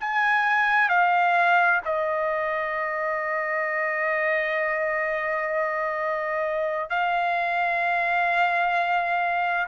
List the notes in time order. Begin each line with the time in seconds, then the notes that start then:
0.00 G#5
0.89 F5
1.85 D#5
6.90 F5